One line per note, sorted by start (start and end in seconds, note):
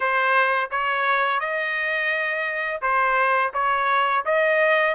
0.00 0.69 C5
0.70 1.40 C#5
1.40 2.81 D#5
2.81 3.52 C5
3.53 4.24 C#5
4.25 4.94 D#5